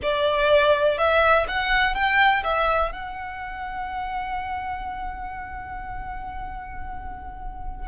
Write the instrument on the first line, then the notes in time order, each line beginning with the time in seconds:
violin
0.02 D5
0.97 E5
1.48 F#5
1.94 G5
2.43 E5
2.92 F#5